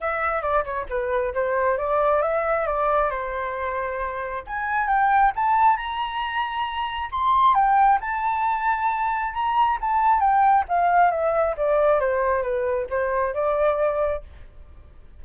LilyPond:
\new Staff \with { instrumentName = "flute" } { \time 4/4 \tempo 4 = 135 e''4 d''8 cis''8 b'4 c''4 | d''4 e''4 d''4 c''4~ | c''2 gis''4 g''4 | a''4 ais''2. |
c'''4 g''4 a''2~ | a''4 ais''4 a''4 g''4 | f''4 e''4 d''4 c''4 | b'4 c''4 d''2 | }